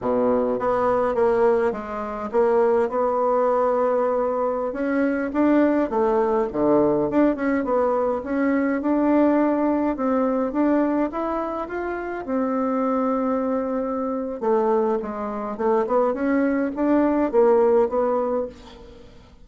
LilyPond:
\new Staff \with { instrumentName = "bassoon" } { \time 4/4 \tempo 4 = 104 b,4 b4 ais4 gis4 | ais4 b2.~ | b16 cis'4 d'4 a4 d8.~ | d16 d'8 cis'8 b4 cis'4 d'8.~ |
d'4~ d'16 c'4 d'4 e'8.~ | e'16 f'4 c'2~ c'8.~ | c'4 a4 gis4 a8 b8 | cis'4 d'4 ais4 b4 | }